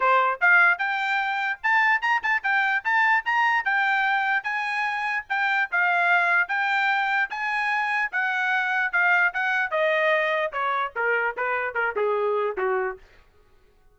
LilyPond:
\new Staff \with { instrumentName = "trumpet" } { \time 4/4 \tempo 4 = 148 c''4 f''4 g''2 | a''4 ais''8 a''8 g''4 a''4 | ais''4 g''2 gis''4~ | gis''4 g''4 f''2 |
g''2 gis''2 | fis''2 f''4 fis''4 | dis''2 cis''4 ais'4 | b'4 ais'8 gis'4. fis'4 | }